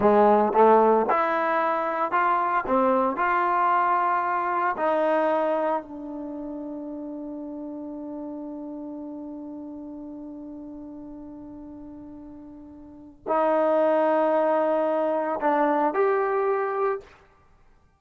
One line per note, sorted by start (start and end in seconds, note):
0.00 0.52 G#3
0.52 1.05 A3
1.09 2.11 E4
2.11 2.64 F4
2.66 3.16 C4
3.16 4.75 F4
4.76 5.82 D#4
5.82 13.25 D4
13.27 15.40 D#4
15.41 15.93 D4
15.93 17.00 G4